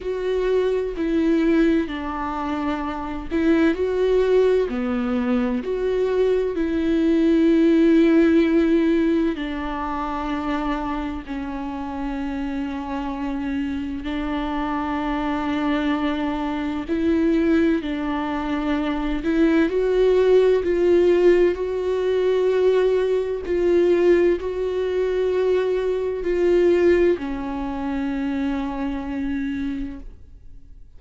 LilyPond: \new Staff \with { instrumentName = "viola" } { \time 4/4 \tempo 4 = 64 fis'4 e'4 d'4. e'8 | fis'4 b4 fis'4 e'4~ | e'2 d'2 | cis'2. d'4~ |
d'2 e'4 d'4~ | d'8 e'8 fis'4 f'4 fis'4~ | fis'4 f'4 fis'2 | f'4 cis'2. | }